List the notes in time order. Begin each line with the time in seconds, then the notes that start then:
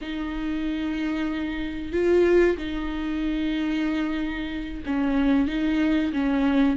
0.01 D#4
1.92 F4
2.57 D#4
4.86 C#4
5.47 D#4
6.12 C#4